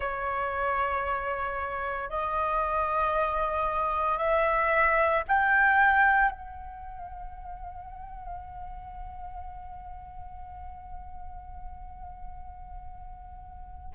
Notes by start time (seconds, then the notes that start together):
0.00 C#5
2.09 D#5
4.18 E5
5.28 G5
6.30 F#5